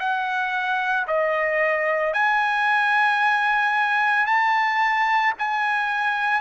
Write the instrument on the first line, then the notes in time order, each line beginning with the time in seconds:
trumpet
0.00 F#5
1.08 D#5
2.14 G#5
4.27 A5
5.39 G#5